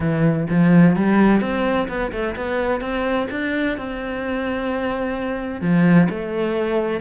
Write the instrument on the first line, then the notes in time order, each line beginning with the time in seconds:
cello
0.00 E3
0.49 F3
0.96 G3
1.41 C4
1.88 B3
2.12 A3
2.36 B3
2.80 C4
3.30 D4
3.77 C4
5.61 F3
6.09 A3